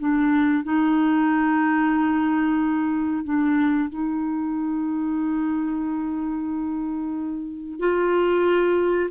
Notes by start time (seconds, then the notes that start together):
0.00 D4
0.64 D#4
3.25 D4
3.90 D#4
7.80 F4